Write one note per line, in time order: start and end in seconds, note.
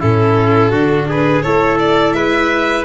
0.00 0.73 A2
0.00 0.72 C#4
0.00 0.71 E4
0.00 1.09 A4
0.71 1.45 D3
0.71 1.43 D4
0.71 1.07 F#4
1.08 1.44 G#4
1.08 1.42 B4
1.42 2.13 A3
1.42 2.86 E4
1.42 2.16 A4
1.42 1.78 C#5
1.79 2.13 D5
2.13 2.84 G#3
2.13 2.86 B4
2.13 2.85 E5